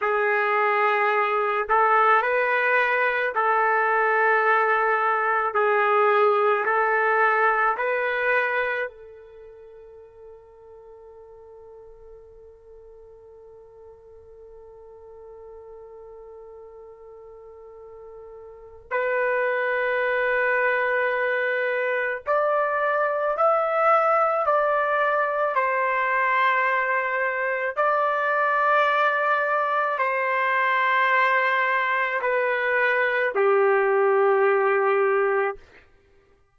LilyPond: \new Staff \with { instrumentName = "trumpet" } { \time 4/4 \tempo 4 = 54 gis'4. a'8 b'4 a'4~ | a'4 gis'4 a'4 b'4 | a'1~ | a'1~ |
a'4 b'2. | d''4 e''4 d''4 c''4~ | c''4 d''2 c''4~ | c''4 b'4 g'2 | }